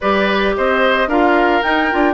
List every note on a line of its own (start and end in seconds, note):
0.00 0.56 G3
0.00 1.09 G4
0.00 0.55 B4
0.00 0.54 D5
0.55 1.07 C4
0.55 1.08 C5
0.55 1.09 D#5
1.07 1.61 D4
1.07 1.62 F4
1.07 2.14 A#4
1.07 1.62 F5
1.62 1.89 D#4
1.62 1.90 D#4
1.62 2.14 G5
1.90 2.14 D4
1.90 2.14 F4